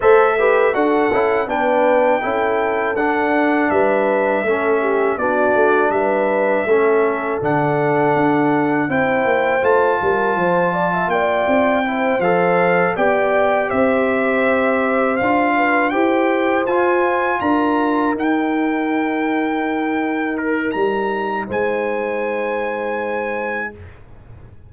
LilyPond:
<<
  \new Staff \with { instrumentName = "trumpet" } { \time 4/4 \tempo 4 = 81 e''4 fis''4 g''2 | fis''4 e''2 d''4 | e''2 fis''2 | g''4 a''2 g''4~ |
g''8 f''4 g''4 e''4.~ | e''8 f''4 g''4 gis''4 ais''8~ | ais''8 g''2. ais'8 | ais''4 gis''2. | }
  \new Staff \with { instrumentName = "horn" } { \time 4/4 c''8 b'8 a'4 b'4 a'4~ | a'4 b'4 a'8 g'8 fis'4 | b'4 a'2. | c''4. ais'8 c''8 d''16 e''16 d''4 |
c''4. d''4 c''4.~ | c''4 b'8 c''2 ais'8~ | ais'1~ | ais'4 c''2. | }
  \new Staff \with { instrumentName = "trombone" } { \time 4/4 a'8 g'8 fis'8 e'8 d'4 e'4 | d'2 cis'4 d'4~ | d'4 cis'4 d'2 | e'4 f'2. |
e'8 a'4 g'2~ g'8~ | g'8 f'4 g'4 f'4.~ | f'8 dis'2.~ dis'8~ | dis'1 | }
  \new Staff \with { instrumentName = "tuba" } { \time 4/4 a4 d'8 cis'8 b4 cis'4 | d'4 g4 a4 b8 a8 | g4 a4 d4 d'4 | c'8 ais8 a8 g8 f4 ais8 c'8~ |
c'8 f4 b4 c'4.~ | c'8 d'4 e'4 f'4 d'8~ | d'8 dis'2.~ dis'8 | g4 gis2. | }
>>